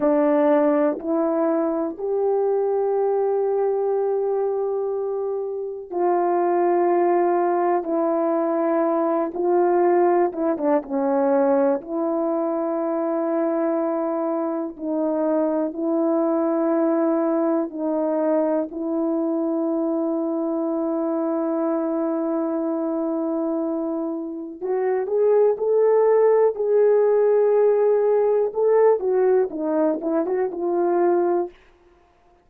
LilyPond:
\new Staff \with { instrumentName = "horn" } { \time 4/4 \tempo 4 = 61 d'4 e'4 g'2~ | g'2 f'2 | e'4. f'4 e'16 d'16 cis'4 | e'2. dis'4 |
e'2 dis'4 e'4~ | e'1~ | e'4 fis'8 gis'8 a'4 gis'4~ | gis'4 a'8 fis'8 dis'8 e'16 fis'16 f'4 | }